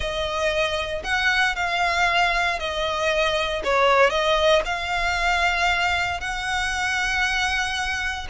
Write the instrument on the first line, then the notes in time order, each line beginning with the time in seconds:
violin
0.00 D#5
1.03 F#5
1.55 F5
2.59 D#5
3.64 C#5
4.10 D#5
4.65 F5
6.20 F#5